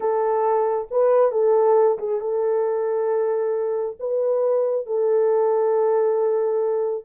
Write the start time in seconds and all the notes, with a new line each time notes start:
0.00 A4
0.90 B4
1.31 A4
1.98 G#4
2.20 A4
3.99 B4
4.86 A4